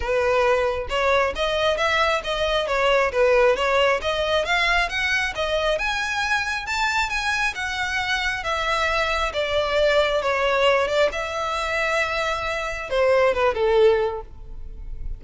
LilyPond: \new Staff \with { instrumentName = "violin" } { \time 4/4 \tempo 4 = 135 b'2 cis''4 dis''4 | e''4 dis''4 cis''4 b'4 | cis''4 dis''4 f''4 fis''4 | dis''4 gis''2 a''4 |
gis''4 fis''2 e''4~ | e''4 d''2 cis''4~ | cis''8 d''8 e''2.~ | e''4 c''4 b'8 a'4. | }